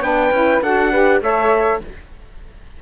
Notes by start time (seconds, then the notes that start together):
0.00 B3 D4 B4 G5
0.30 C#4 E4
0.61 D4 F#4 A4 F#5
0.91 G4 B4
1.20 A3 A4 C#5 E5